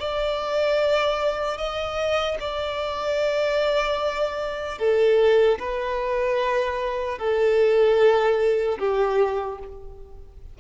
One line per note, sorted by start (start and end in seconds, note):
0.00 1.58 D5
1.58 2.38 D#5
2.41 4.79 D5
4.79 5.59 A4
5.60 7.19 B4
7.19 8.79 A4
8.79 9.59 G4